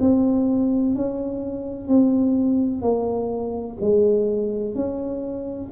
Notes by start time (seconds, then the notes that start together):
0.00 C4
0.95 C#4
1.88 C4
2.82 A#3
3.80 G#3
4.75 C#4